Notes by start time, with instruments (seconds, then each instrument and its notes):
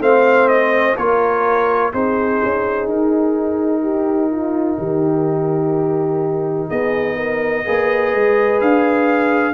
0.00 tuba A3, trombone C4, horn C5, trumpet F5
0.49 trumpet D#5
0.97 tuba A#3, trombone F4, horn A#4, trumpet C#5
1.93 tuba C4, trombone D#4, horn G#4, trumpet C5
2.44 tuba C#4
2.88 tuba D#4, trumpet A#4
3.82 horn G4
4.32 horn F4
4.78 tuba D#3, horn G4
6.69 tuba B3, horn G#4, trumpet D#5
7.17 horn A#4
7.65 tuba A#3, trombone G#4, horn B4
8.14 tuba G#3
8.61 tuba D4, trumpet F5